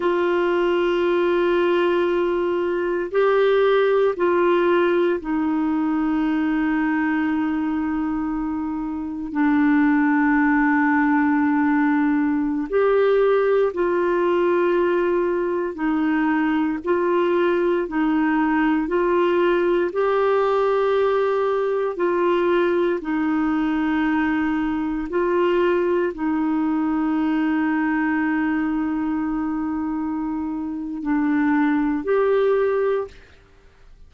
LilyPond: \new Staff \with { instrumentName = "clarinet" } { \time 4/4 \tempo 4 = 58 f'2. g'4 | f'4 dis'2.~ | dis'4 d'2.~ | d'16 g'4 f'2 dis'8.~ |
dis'16 f'4 dis'4 f'4 g'8.~ | g'4~ g'16 f'4 dis'4.~ dis'16~ | dis'16 f'4 dis'2~ dis'8.~ | dis'2 d'4 g'4 | }